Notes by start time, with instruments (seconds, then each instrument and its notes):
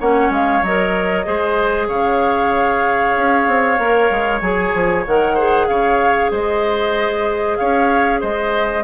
0.00 bassoon A#3, clarinet C#4, oboe C#5, flute F#5
0.30 bassoon G#3, flute F5
0.62 bassoon F#3, clarinet A#4, flute D#5
1.25 bassoon G#3, clarinet G#4, oboe C5
1.88 bassoon C#3, oboe C#5, flute F5
3.17 bassoon C#4
3.48 bassoon C4
3.79 bassoon A#3, clarinet A#4
4.11 bassoon G#3
4.41 bassoon F#3, clarinet G#4, flute G#5
4.74 bassoon F3
5.07 bassoon D#3, clarinet A#4, flute F#5
5.35 clarinet G#4, oboe C5
5.68 bassoon C#3, oboe C#5, flute F5
6.31 bassoon G#3, oboe C5, flute D#5
7.57 bassoon C#4, oboe C#5, flute F5
8.21 bassoon G#3, oboe C5, flute D#5